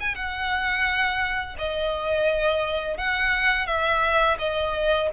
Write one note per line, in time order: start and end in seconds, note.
0.00 0.14 G#5
0.14 1.56 F#5
1.58 2.97 D#5
2.97 3.66 F#5
3.66 4.37 E5
4.38 5.09 D#5